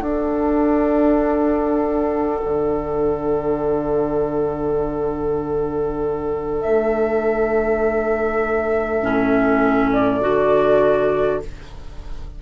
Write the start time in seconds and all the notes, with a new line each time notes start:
0.00 D4 A4 F#5
2.44 D3
6.61 A3 E5
9.02 A2 C#4
9.92 D5
10.21 D3 F#4